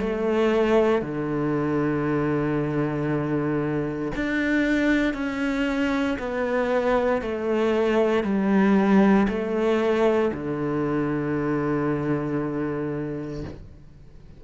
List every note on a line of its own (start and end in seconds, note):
0.00 1.02 A3
1.02 4.12 D3
4.15 5.14 D4
5.14 6.17 C#4
6.19 7.22 B3
7.22 8.24 A3
8.24 9.27 G3
9.29 10.32 A3
10.34 13.44 D3